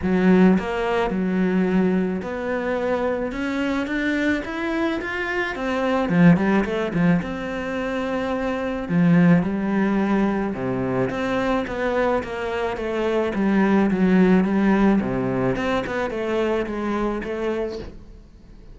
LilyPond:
\new Staff \with { instrumentName = "cello" } { \time 4/4 \tempo 4 = 108 fis4 ais4 fis2 | b2 cis'4 d'4 | e'4 f'4 c'4 f8 g8 | a8 f8 c'2. |
f4 g2 c4 | c'4 b4 ais4 a4 | g4 fis4 g4 c4 | c'8 b8 a4 gis4 a4 | }